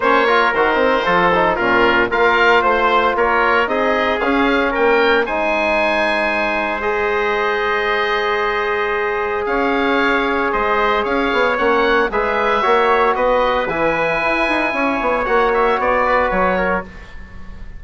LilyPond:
<<
  \new Staff \with { instrumentName = "oboe" } { \time 4/4 \tempo 4 = 114 cis''4 c''2 ais'4 | f''4 c''4 cis''4 dis''4 | f''4 g''4 gis''2~ | gis''4 dis''2.~ |
dis''2 f''2 | dis''4 f''4 fis''4 e''4~ | e''4 dis''4 gis''2~ | gis''4 fis''8 e''8 d''4 cis''4 | }
  \new Staff \with { instrumentName = "trumpet" } { \time 4/4 c''8 ais'4. a'4 f'4 | ais'4 c''4 ais'4 gis'4~ | gis'4 ais'4 c''2~ | c''1~ |
c''2 cis''2 | c''4 cis''2 b'4 | cis''4 b'2. | cis''2~ cis''8 b'4 ais'8 | }
  \new Staff \with { instrumentName = "trombone" } { \time 4/4 cis'8 f'8 fis'8 c'8 f'8 dis'8 cis'4 | f'2. dis'4 | cis'2 dis'2~ | dis'4 gis'2.~ |
gis'1~ | gis'2 cis'4 gis'4 | fis'2 e'2~ | e'4 fis'2. | }
  \new Staff \with { instrumentName = "bassoon" } { \time 4/4 ais4 dis4 f4 ais,4 | ais4 a4 ais4 c'4 | cis'4 ais4 gis2~ | gis1~ |
gis2 cis'2 | gis4 cis'8 b8 ais4 gis4 | ais4 b4 e4 e'8 dis'8 | cis'8 b8 ais4 b4 fis4 | }
>>